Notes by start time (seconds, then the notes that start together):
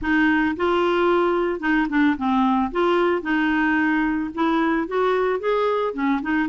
0.01 D#4
0.56 F4
1.60 D#4
1.89 D4
2.17 C4
2.71 F4
3.22 D#4
4.34 E4
4.87 F#4
5.39 G#4
5.93 C#4
6.22 D#4